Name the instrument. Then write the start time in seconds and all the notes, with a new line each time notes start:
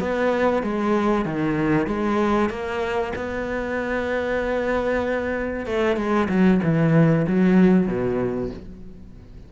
cello
0.00 B3
0.63 G#3
1.25 D#3
1.87 G#3
2.50 A#3
3.16 B3
5.66 A3
5.97 G#3
6.29 F#3
6.64 E3
7.27 F#3
7.87 B2